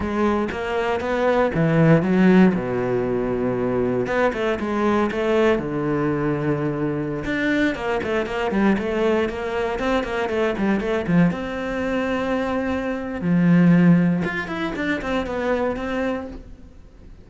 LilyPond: \new Staff \with { instrumentName = "cello" } { \time 4/4 \tempo 4 = 118 gis4 ais4 b4 e4 | fis4 b,2. | b8 a8 gis4 a4 d4~ | d2~ d16 d'4 ais8 a16~ |
a16 ais8 g8 a4 ais4 c'8 ais16~ | ais16 a8 g8 a8 f8 c'4.~ c'16~ | c'2 f2 | f'8 e'8 d'8 c'8 b4 c'4 | }